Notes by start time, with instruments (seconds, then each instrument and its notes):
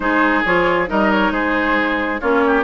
0.00 bassoon G#3, clarinet D#4, oboe G#4, flute C5
0.44 bassoon F3, clarinet F4, flute C#5
0.87 bassoon G3, clarinet D#4, oboe A#4, flute D#5
1.11 flute C#5
1.31 bassoon G#3, oboe G#4, flute C5
2.20 bassoon A#3, clarinet C#4, oboe F4, flute C#5
2.46 oboe G4